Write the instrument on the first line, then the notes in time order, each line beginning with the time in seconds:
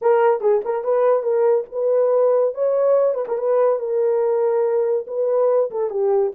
horn
0.01 A#4
0.40 G#4
0.64 A#4
0.84 B4
1.22 A#4
1.72 B4
2.54 C#5
3.14 B4
3.27 A#4
3.37 B4
3.79 A#4
5.07 B4
5.71 A4
5.90 G4